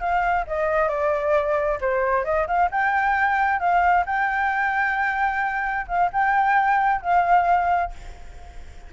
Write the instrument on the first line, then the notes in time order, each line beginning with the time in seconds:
flute
0.00 F5
0.47 D#5
0.88 D5
1.81 C5
2.24 D#5
2.47 F5
2.71 G5
3.59 F5
4.06 G5
5.88 F5
6.12 G5
7.01 F5